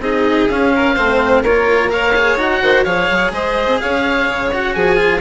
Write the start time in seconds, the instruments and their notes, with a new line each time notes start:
0.00 bassoon C4, cello D#4, violin G#4, oboe D#5
0.49 bassoon C#4, cello C#4, oboe F5
0.76 violin A#4
0.95 bassoon A3, cello C4, violin C5
1.43 bassoon A#3, cello F4, violin A#4, oboe C#5
1.89 cello A#4, violin C#5, oboe F5
2.16 cello G#4
2.37 bassoon D#4, cello F#4, oboe F#5
2.62 bassoon D#3, violin C5
2.85 bassoon F3, cello G#4, violin C#5, oboe F5
3.11 bassoon F#3
3.32 bassoon G#3, violin C5, oboe D#5
3.67 bassoon C4
3.80 bassoon C#4, violin C#5, oboe F5
4.29 bassoon C#3
4.53 cello F#4, oboe F#5
4.74 bassoon F3, violin G#4, oboe G#5
4.97 cello F4